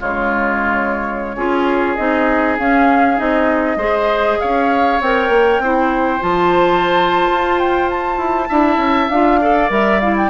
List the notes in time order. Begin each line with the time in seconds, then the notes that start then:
0.00 C#3 G#3 F4 C#5
1.36 C#4 F4 G#4
1.95 C4 D#4 D#5
2.59 C#4 F5
3.17 C4 D#4 D#5
3.76 G#3 G#4 C5
4.40 C#4 C#5 F5
5.01 C4 A#4 G5
5.29 A#3
5.59 C4 E4 C5
6.20 F3 F4 A5
7.31 F4
7.59 G5
7.90 A5
8.18 E4
8.49 D4 E4 E5
8.77 C#4
9.09 D4 F4 F5
9.41 A4 D5
9.69 G3 A#4 E5
10.00 E4 F5
10.17 G5